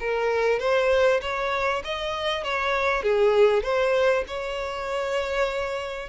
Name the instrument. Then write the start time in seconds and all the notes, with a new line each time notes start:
violin
0.00 A#4
0.60 C5
1.22 C#5
1.85 D#5
2.44 C#5
3.03 G#4
3.63 C5
4.28 C#5